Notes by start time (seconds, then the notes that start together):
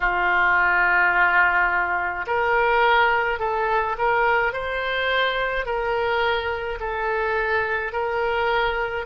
0.00 F4
2.26 A#4
3.39 A4
3.98 A#4
4.53 C5
5.66 A#4
6.80 A4
7.92 A#4